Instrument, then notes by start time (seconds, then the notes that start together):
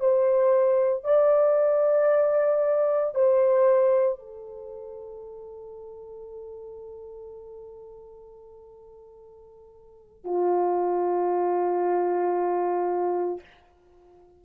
horn
0.00 C5
1.04 D5
3.14 C5
4.19 A4
10.24 F4